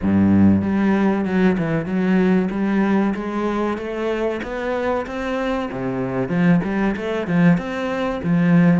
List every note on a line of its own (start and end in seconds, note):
0.02 0.62 G2
0.62 1.25 G3
1.25 1.56 F#3
1.58 1.85 E3
1.85 2.49 F#3
2.50 3.13 G3
3.14 3.77 G#3
3.77 4.40 A3
4.42 5.06 B3
5.06 5.69 C4
5.71 6.28 C3
6.28 6.60 F3
6.64 6.95 G3
6.96 7.27 A3
7.27 7.57 F3
7.57 8.20 C4
8.23 8.80 F3